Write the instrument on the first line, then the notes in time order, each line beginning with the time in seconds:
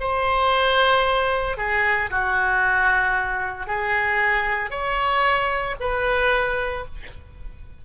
oboe
0.00 C5
1.58 G#4
2.11 F#4
3.67 G#4
4.70 C#5
5.80 B4